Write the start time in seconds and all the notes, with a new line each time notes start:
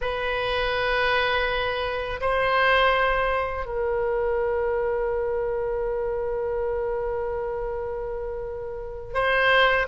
0.01 B4
2.21 C5
3.66 A#4
9.13 C5